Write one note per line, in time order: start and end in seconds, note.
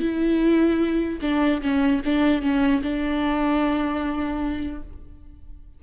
0.00 1.20 E4
1.22 1.62 D4
1.62 2.02 C#4
2.05 2.42 D4
2.42 2.82 C#4
2.83 4.83 D4